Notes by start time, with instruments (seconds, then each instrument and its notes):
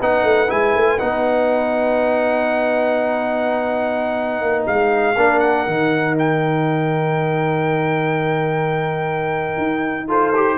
0.00 tuba B3, trombone D#4, horn B4, trumpet F#5
0.24 tuba A3
0.48 tuba G#3, trombone E4, trumpet G#5
0.75 tuba A3
1.00 tuba B3, trombone D#4, trumpet F#5
4.42 tuba A#3
4.67 tuba G#3, trumpet F5
5.15 tuba A#3, trombone D4, horn A#4
5.40 trumpet F#5
5.67 tuba D#3, trombone D#4
6.19 trumpet G5
9.58 tuba D#4
10.08 trombone F4, horn A4, trumpet C5
10.36 trombone G4